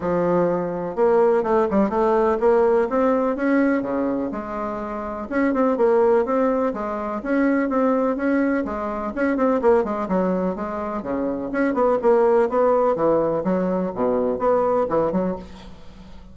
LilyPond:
\new Staff \with { instrumentName = "bassoon" } { \time 4/4 \tempo 4 = 125 f2 ais4 a8 g8 | a4 ais4 c'4 cis'4 | cis4 gis2 cis'8 c'8 | ais4 c'4 gis4 cis'4 |
c'4 cis'4 gis4 cis'8 c'8 | ais8 gis8 fis4 gis4 cis4 | cis'8 b8 ais4 b4 e4 | fis4 b,4 b4 e8 fis8 | }